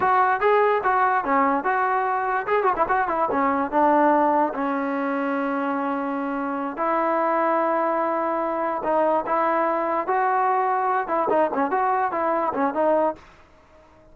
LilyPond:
\new Staff \with { instrumentName = "trombone" } { \time 4/4 \tempo 4 = 146 fis'4 gis'4 fis'4 cis'4 | fis'2 gis'8 fis'16 e'16 fis'8 e'8 | cis'4 d'2 cis'4~ | cis'1~ |
cis'8 e'2.~ e'8~ | e'4. dis'4 e'4.~ | e'8 fis'2~ fis'8 e'8 dis'8 | cis'8 fis'4 e'4 cis'8 dis'4 | }